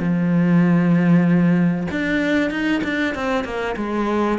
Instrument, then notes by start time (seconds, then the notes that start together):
cello
0.00 F3
1.92 D4
2.51 D#4
2.84 D4
3.15 C4
3.45 A#3
3.77 G#3